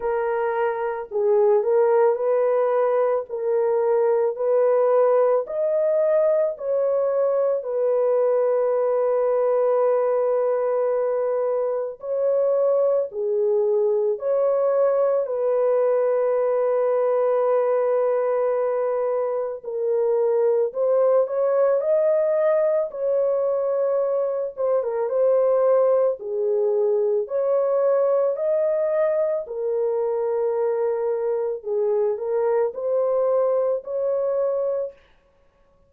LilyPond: \new Staff \with { instrumentName = "horn" } { \time 4/4 \tempo 4 = 55 ais'4 gis'8 ais'8 b'4 ais'4 | b'4 dis''4 cis''4 b'4~ | b'2. cis''4 | gis'4 cis''4 b'2~ |
b'2 ais'4 c''8 cis''8 | dis''4 cis''4. c''16 ais'16 c''4 | gis'4 cis''4 dis''4 ais'4~ | ais'4 gis'8 ais'8 c''4 cis''4 | }